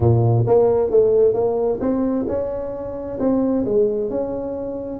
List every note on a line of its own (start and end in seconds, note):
0.00 0.45 A#2
0.46 0.90 A#3
0.90 1.33 A3
1.33 1.79 A#3
1.80 2.25 C4
2.27 3.18 C#4
3.19 3.64 C4
3.65 4.10 G#3
4.10 4.99 C#4